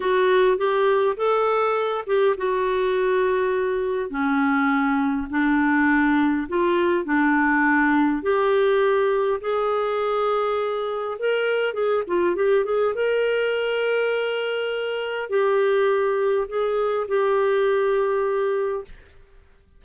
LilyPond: \new Staff \with { instrumentName = "clarinet" } { \time 4/4 \tempo 4 = 102 fis'4 g'4 a'4. g'8 | fis'2. cis'4~ | cis'4 d'2 f'4 | d'2 g'2 |
gis'2. ais'4 | gis'8 f'8 g'8 gis'8 ais'2~ | ais'2 g'2 | gis'4 g'2. | }